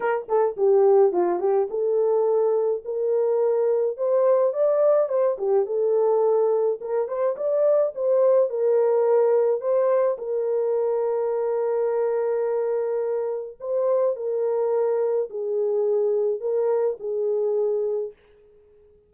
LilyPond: \new Staff \with { instrumentName = "horn" } { \time 4/4 \tempo 4 = 106 ais'8 a'8 g'4 f'8 g'8 a'4~ | a'4 ais'2 c''4 | d''4 c''8 g'8 a'2 | ais'8 c''8 d''4 c''4 ais'4~ |
ais'4 c''4 ais'2~ | ais'1 | c''4 ais'2 gis'4~ | gis'4 ais'4 gis'2 | }